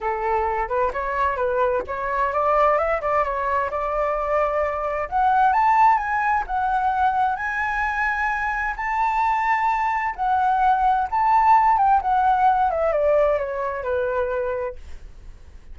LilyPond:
\new Staff \with { instrumentName = "flute" } { \time 4/4 \tempo 4 = 130 a'4. b'8 cis''4 b'4 | cis''4 d''4 e''8 d''8 cis''4 | d''2. fis''4 | a''4 gis''4 fis''2 |
gis''2. a''4~ | a''2 fis''2 | a''4. g''8 fis''4. e''8 | d''4 cis''4 b'2 | }